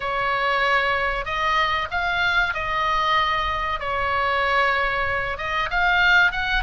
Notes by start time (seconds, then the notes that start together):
0.00 C#5
1.25 D#5
1.90 F5
2.54 D#5
3.79 C#5
5.37 D#5
5.70 F5
6.31 F#5